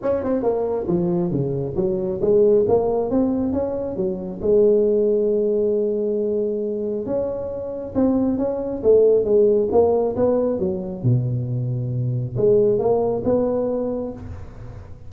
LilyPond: \new Staff \with { instrumentName = "tuba" } { \time 4/4 \tempo 4 = 136 cis'8 c'8 ais4 f4 cis4 | fis4 gis4 ais4 c'4 | cis'4 fis4 gis2~ | gis1 |
cis'2 c'4 cis'4 | a4 gis4 ais4 b4 | fis4 b,2. | gis4 ais4 b2 | }